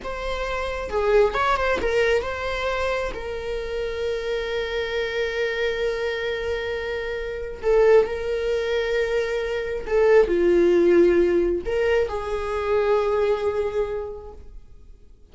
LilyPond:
\new Staff \with { instrumentName = "viola" } { \time 4/4 \tempo 4 = 134 c''2 gis'4 cis''8 c''8 | ais'4 c''2 ais'4~ | ais'1~ | ais'1~ |
ais'4 a'4 ais'2~ | ais'2 a'4 f'4~ | f'2 ais'4 gis'4~ | gis'1 | }